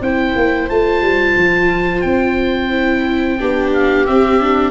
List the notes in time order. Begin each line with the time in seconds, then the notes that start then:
0.00 C4 E4 C5 G5
0.35 A#3
0.69 A3 F4 A5
1.01 G3
1.36 F3
2.01 C4 G5
2.70 E4
3.39 B3 D4 G4
3.73 F5
4.06 C4 E5
4.39 D4